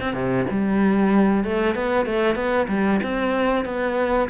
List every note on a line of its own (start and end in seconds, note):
0.00 0.13 C4
0.13 0.45 C3
0.50 1.44 G3
1.44 1.75 A3
1.75 2.05 B3
2.05 2.35 A3
2.35 2.67 B3
2.68 3.00 G3
3.03 3.65 C4
3.65 4.29 B3